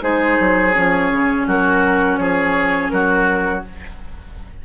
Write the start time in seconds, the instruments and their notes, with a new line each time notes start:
0.00 bassoon G#3, clarinet D#4, oboe G#4, flute C5
0.40 bassoon F#3
0.73 bassoon F3, clarinet C#4, flute C#5
1.11 bassoon C#3
1.47 bassoon F#3, oboe F#4, flute A#4
2.16 bassoon F3, oboe G#4, flute C#5
2.89 bassoon F#3, oboe F#4, flute A#4